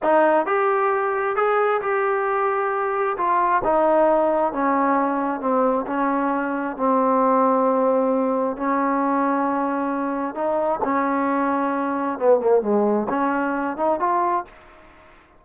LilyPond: \new Staff \with { instrumentName = "trombone" } { \time 4/4 \tempo 4 = 133 dis'4 g'2 gis'4 | g'2. f'4 | dis'2 cis'2 | c'4 cis'2 c'4~ |
c'2. cis'4~ | cis'2. dis'4 | cis'2. b8 ais8 | gis4 cis'4. dis'8 f'4 | }